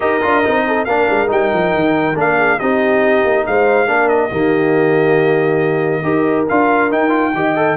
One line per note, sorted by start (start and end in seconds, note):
0.00 0.22 D#4
0.00 0.21 G4
0.00 0.64 A#4
0.00 0.84 D#5
0.21 0.46 D4
0.21 0.43 F4
0.43 0.86 C4
0.43 0.87 D#4
0.67 0.85 A4
0.84 1.08 A#3
0.84 1.27 D4
0.84 2.36 A#4
0.84 1.28 F5
1.10 1.30 G#3
1.27 1.52 G3
1.27 2.14 D#4
1.27 2.18 G5
1.52 1.74 F3
1.74 2.15 D#3
2.15 2.58 A#3
2.15 2.58 D4
2.15 2.59 F5
2.37 2.58 G#4
2.59 3.24 C4
2.59 3.87 D#4
2.59 3.47 G4
2.59 3.45 D#5
3.24 3.46 A#3
3.46 3.87 G#3
3.46 3.89 C5
3.46 4.08 F5
3.87 4.30 A#3
3.87 4.30 D4
3.87 4.31 A#4
4.08 6.45 D#5
4.30 6.03 D#3
4.30 6.03 A#3
4.30 6.02 G4
6.02 6.46 D#4
6.02 6.46 G4
6.02 7.32 A#4
6.48 6.92 D4
6.48 6.90 F4
6.48 6.91 F5
6.90 7.09 D#4
6.90 7.33 D#4
6.90 7.77 G5
7.09 7.30 F4
7.33 7.77 D#3
7.33 7.56 G4
7.33 7.77 D#5
7.56 7.77 A4